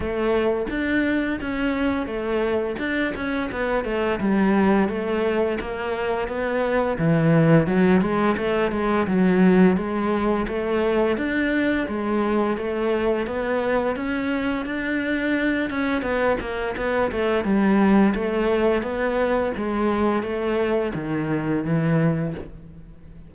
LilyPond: \new Staff \with { instrumentName = "cello" } { \time 4/4 \tempo 4 = 86 a4 d'4 cis'4 a4 | d'8 cis'8 b8 a8 g4 a4 | ais4 b4 e4 fis8 gis8 | a8 gis8 fis4 gis4 a4 |
d'4 gis4 a4 b4 | cis'4 d'4. cis'8 b8 ais8 | b8 a8 g4 a4 b4 | gis4 a4 dis4 e4 | }